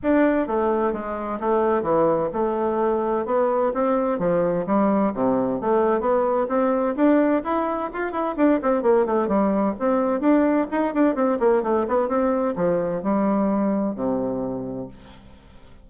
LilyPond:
\new Staff \with { instrumentName = "bassoon" } { \time 4/4 \tempo 4 = 129 d'4 a4 gis4 a4 | e4 a2 b4 | c'4 f4 g4 c4 | a4 b4 c'4 d'4 |
e'4 f'8 e'8 d'8 c'8 ais8 a8 | g4 c'4 d'4 dis'8 d'8 | c'8 ais8 a8 b8 c'4 f4 | g2 c2 | }